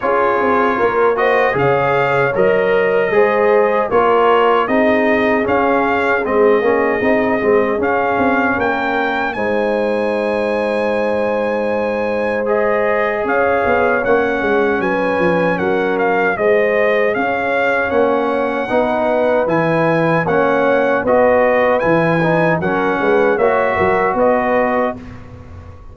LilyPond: <<
  \new Staff \with { instrumentName = "trumpet" } { \time 4/4 \tempo 4 = 77 cis''4. dis''8 f''4 dis''4~ | dis''4 cis''4 dis''4 f''4 | dis''2 f''4 g''4 | gis''1 |
dis''4 f''4 fis''4 gis''4 | fis''8 f''8 dis''4 f''4 fis''4~ | fis''4 gis''4 fis''4 dis''4 | gis''4 fis''4 e''4 dis''4 | }
  \new Staff \with { instrumentName = "horn" } { \time 4/4 gis'4 ais'8 c''8 cis''2 | c''4 ais'4 gis'2~ | gis'2. ais'4 | c''1~ |
c''4 cis''2 b'4 | ais'4 c''4 cis''2 | b'2 cis''4 b'4~ | b'4 ais'8 b'8 cis''8 ais'8 b'4 | }
  \new Staff \with { instrumentName = "trombone" } { \time 4/4 f'4. fis'8 gis'4 ais'4 | gis'4 f'4 dis'4 cis'4 | c'8 cis'8 dis'8 c'8 cis'2 | dis'1 |
gis'2 cis'2~ | cis'4 gis'2 cis'4 | dis'4 e'4 cis'4 fis'4 | e'8 dis'8 cis'4 fis'2 | }
  \new Staff \with { instrumentName = "tuba" } { \time 4/4 cis'8 c'8 ais4 cis4 fis4 | gis4 ais4 c'4 cis'4 | gis8 ais8 c'8 gis8 cis'8 c'8 ais4 | gis1~ |
gis4 cis'8 b8 ais8 gis8 fis8 f8 | fis4 gis4 cis'4 ais4 | b4 e4 ais4 b4 | e4 fis8 gis8 ais8 fis8 b4 | }
>>